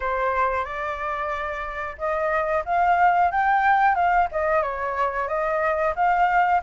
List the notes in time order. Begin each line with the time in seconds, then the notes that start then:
0.00 C5
0.64 D5
1.98 D#5
2.65 F5
3.31 G5
3.95 F5
4.31 D#5
4.62 C#5
5.28 D#5
5.95 F5